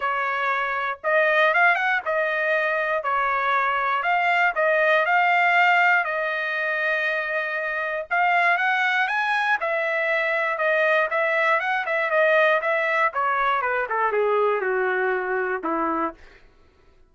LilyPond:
\new Staff \with { instrumentName = "trumpet" } { \time 4/4 \tempo 4 = 119 cis''2 dis''4 f''8 fis''8 | dis''2 cis''2 | f''4 dis''4 f''2 | dis''1 |
f''4 fis''4 gis''4 e''4~ | e''4 dis''4 e''4 fis''8 e''8 | dis''4 e''4 cis''4 b'8 a'8 | gis'4 fis'2 e'4 | }